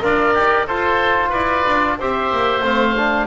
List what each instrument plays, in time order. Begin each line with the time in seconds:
0.00 double bass D4, oboe F4 D5, trombone A#4
0.33 double bass D#4, oboe G4
0.67 double bass F4, trombone F4, oboe A4 C5
1.29 double bass E4, oboe B4 D5
1.66 double bass D4
1.99 double bass C4, trombone G4, oboe C5 E5
2.31 double bass A#3
2.61 double bass A3, trombone C4, oboe F5
2.96 trombone D4